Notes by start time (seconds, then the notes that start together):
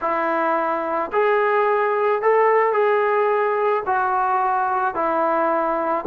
0.01 E4
1.12 G#4
2.22 A4
2.72 G#4
3.85 F#4
4.94 E4